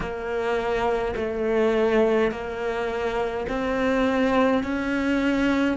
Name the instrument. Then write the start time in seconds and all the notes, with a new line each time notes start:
cello
0.00 A#3
1.15 A3
2.31 A#3
3.48 C4
4.63 C#4